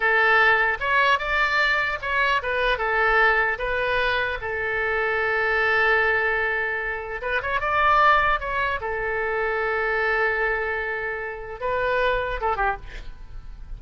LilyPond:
\new Staff \with { instrumentName = "oboe" } { \time 4/4 \tempo 4 = 150 a'2 cis''4 d''4~ | d''4 cis''4 b'4 a'4~ | a'4 b'2 a'4~ | a'1~ |
a'2 b'8 cis''8 d''4~ | d''4 cis''4 a'2~ | a'1~ | a'4 b'2 a'8 g'8 | }